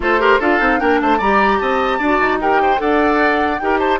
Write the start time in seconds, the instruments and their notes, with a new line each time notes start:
0.00 bassoon A3, clarinet F4, oboe A4, flute C5
0.19 clarinet G4, oboe A#4
0.39 bassoon D4, clarinet F4, oboe A4, flute F5
0.59 bassoon C4, clarinet D#4
0.78 bassoon A#3, clarinet D4, oboe A#4, flute G5
1.00 bassoon A3, oboe C5, flute A5
1.17 bassoon G3, clarinet G4, oboe D5, flute A#5
1.59 bassoon C4, oboe D#5, flute A5
1.98 bassoon D4, clarinet F#4, oboe D5
2.19 bassoon D#4
2.41 clarinet G4, oboe A#4, flute G5
2.62 oboe C5
2.77 bassoon D4, clarinet A4, oboe D5, flute F#5
3.58 bassoon D#4, clarinet G4, oboe A#4, flute G5
3.78 oboe C5, flute A5